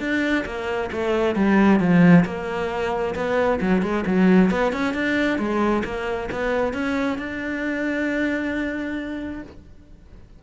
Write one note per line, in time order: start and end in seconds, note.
0.00 0.45 D4
0.46 0.91 A#3
0.92 1.36 A3
1.36 1.80 G3
1.80 2.25 F3
2.25 3.15 A#3
3.15 3.60 B3
3.61 3.82 F#3
3.82 4.05 G#3
4.07 4.51 F#3
4.51 4.73 B3
4.73 4.94 C#4
4.94 5.39 D4
5.39 5.84 G#3
5.85 6.30 A#3
6.32 6.74 B3
6.74 7.19 C#4
7.19 9.43 D4